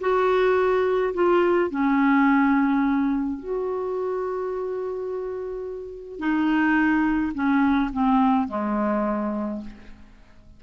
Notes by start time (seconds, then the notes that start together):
0.00 F#4
1.14 F4
1.70 C#4
3.38 F#4
6.19 D#4
7.34 C#4
7.93 C4
8.48 G#3